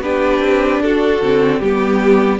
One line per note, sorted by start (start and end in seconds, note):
0.00 0.40 B3
0.00 1.22 D4
0.00 0.83 G4
0.00 0.82 B4
0.40 0.80 C4
0.80 1.20 D4
0.80 1.59 F#4
0.80 1.62 A4
1.21 1.60 D3
1.21 1.62 C4
1.59 2.40 G3
1.59 2.40 B3
1.59 2.39 G4
1.59 2.40 G4